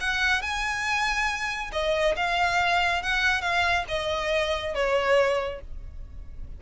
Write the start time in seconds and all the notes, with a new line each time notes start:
0.00 F#5
0.41 G#5
1.72 D#5
2.16 F5
3.03 F#5
3.41 F5
3.88 D#5
4.74 C#5